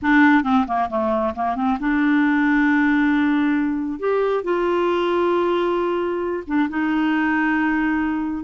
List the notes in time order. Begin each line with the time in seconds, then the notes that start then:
0.02 D4
0.43 C4
0.67 A#3
0.89 A3
1.35 A#3
1.55 C4
1.79 D4
3.99 G4
4.43 F4
6.46 D4
6.69 D#4